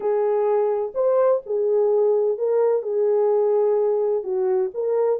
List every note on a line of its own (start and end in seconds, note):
0.00 0.92 G#4
0.94 1.41 C5
1.45 2.38 G#4
2.38 2.82 A#4
2.82 4.23 G#4
4.23 4.71 F#4
4.74 5.19 A#4